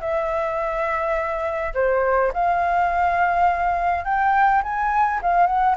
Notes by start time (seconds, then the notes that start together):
0.00 E5
1.74 C5
2.33 F5
4.04 G5
4.63 G#5
5.22 F5
5.47 F#5